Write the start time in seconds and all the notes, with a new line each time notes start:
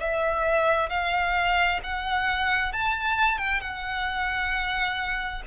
0.00 E5
0.90 F5
1.83 F#5
2.73 A5
3.38 G5
3.61 F#5